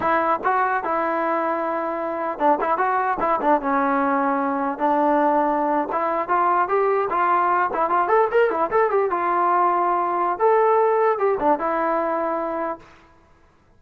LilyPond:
\new Staff \with { instrumentName = "trombone" } { \time 4/4 \tempo 4 = 150 e'4 fis'4 e'2~ | e'2 d'8 e'8 fis'4 | e'8 d'8 cis'2. | d'2~ d'8. e'4 f'16~ |
f'8. g'4 f'4. e'8 f'16~ | f'16 a'8 ais'8 e'8 a'8 g'8 f'4~ f'16~ | f'2 a'2 | g'8 d'8 e'2. | }